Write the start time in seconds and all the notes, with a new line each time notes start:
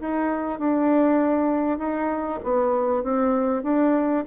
0.00 D#4
0.59 D4
1.78 D#4
2.44 B3
3.04 C4
3.63 D4